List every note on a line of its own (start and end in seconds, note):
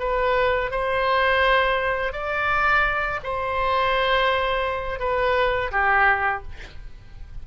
0.00 0.71 B4
0.71 2.13 C5
2.13 3.20 D5
3.24 5.00 C5
5.00 5.71 B4
5.72 6.43 G4